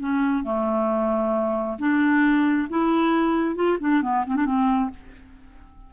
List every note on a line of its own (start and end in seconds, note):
0.00 0.44 C#4
0.44 1.78 A3
1.79 2.68 D4
2.69 3.56 E4
3.56 3.78 F4
3.80 4.02 D4
4.02 4.25 B3
4.27 4.36 C4
4.36 4.46 D4
4.46 4.90 C4